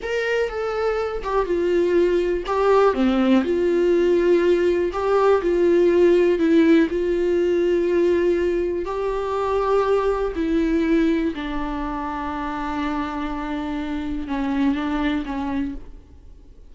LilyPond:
\new Staff \with { instrumentName = "viola" } { \time 4/4 \tempo 4 = 122 ais'4 a'4. g'8 f'4~ | f'4 g'4 c'4 f'4~ | f'2 g'4 f'4~ | f'4 e'4 f'2~ |
f'2 g'2~ | g'4 e'2 d'4~ | d'1~ | d'4 cis'4 d'4 cis'4 | }